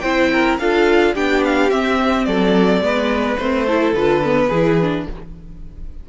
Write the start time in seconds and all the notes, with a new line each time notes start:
0.00 C4 E4 C5 G5
0.33 A#4
0.59 D4 F4 A4 F5
1.14 B3 D4 G4 G5
1.44 F5
1.70 C4 E5
2.25 F#3 A4 D5
2.81 G#3 B3 B4
3.37 A3 C4 C5
3.66 E4 A4
3.93 D3 F4 B4
4.24 B3
4.48 E3 E4 G#4
4.81 D4